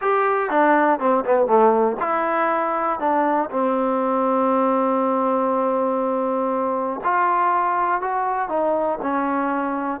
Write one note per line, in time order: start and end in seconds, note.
0.01 0.50 G4
0.50 0.99 D4
0.99 1.24 C4
1.25 1.46 B3
1.46 1.96 A3
1.99 2.99 E4
2.99 3.49 D4
3.50 7.00 C4
7.04 8.01 F4
8.01 8.48 F#4
8.48 8.98 D#4
9.01 10.00 C#4